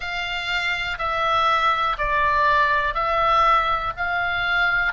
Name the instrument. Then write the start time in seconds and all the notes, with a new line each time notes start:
oboe
0.00 F5
0.98 E5
1.98 D5
2.94 E5
3.97 F5